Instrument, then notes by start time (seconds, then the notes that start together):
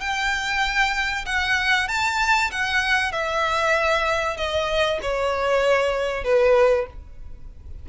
violin
0.00 G5
1.25 F#5
1.88 A5
2.51 F#5
3.12 E5
4.36 D#5
5.01 C#5
6.24 B4